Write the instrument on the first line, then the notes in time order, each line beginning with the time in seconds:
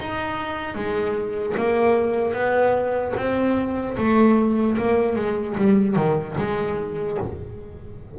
double bass
0.00 D#4
0.75 G#3
1.57 A#3
2.33 B3
3.17 C4
3.97 A3
4.78 A#3
5.16 G#3
5.57 G3
5.96 D#3
6.38 G#3